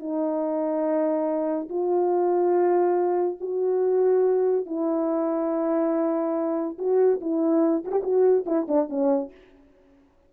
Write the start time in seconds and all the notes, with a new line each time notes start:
0.00 D#4
1.69 F4
3.41 F#4
4.66 E4
6.78 F#4
7.21 E4
7.85 F#4
7.92 G4
8.03 F#4
8.46 E4
8.68 D4
8.89 C#4